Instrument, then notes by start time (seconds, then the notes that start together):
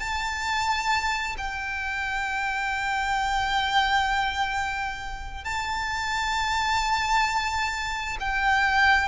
violin
0.00 A5
1.38 G5
5.45 A5
8.21 G5